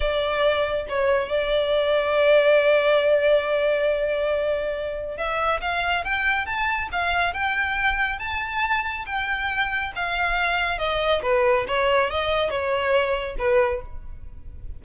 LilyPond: \new Staff \with { instrumentName = "violin" } { \time 4/4 \tempo 4 = 139 d''2 cis''4 d''4~ | d''1~ | d''1 | e''4 f''4 g''4 a''4 |
f''4 g''2 a''4~ | a''4 g''2 f''4~ | f''4 dis''4 b'4 cis''4 | dis''4 cis''2 b'4 | }